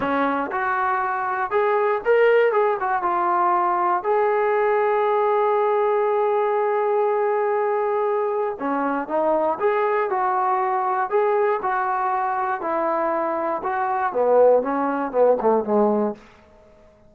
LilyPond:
\new Staff \with { instrumentName = "trombone" } { \time 4/4 \tempo 4 = 119 cis'4 fis'2 gis'4 | ais'4 gis'8 fis'8 f'2 | gis'1~ | gis'1~ |
gis'4 cis'4 dis'4 gis'4 | fis'2 gis'4 fis'4~ | fis'4 e'2 fis'4 | b4 cis'4 b8 a8 gis4 | }